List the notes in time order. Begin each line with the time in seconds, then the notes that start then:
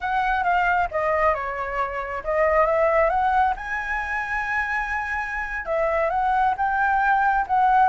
0.00 F#5
0.43 F5
0.91 D#5
1.34 C#5
2.23 D#5
2.66 E5
3.09 F#5
3.56 G#5
5.65 E5
6.09 F#5
6.57 G5
7.47 F#5